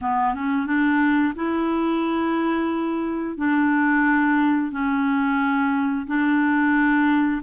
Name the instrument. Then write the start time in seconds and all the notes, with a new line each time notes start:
clarinet
0.01 B3
0.34 C#4
0.66 D4
1.35 E4
3.37 D4
4.71 C#4
6.06 D4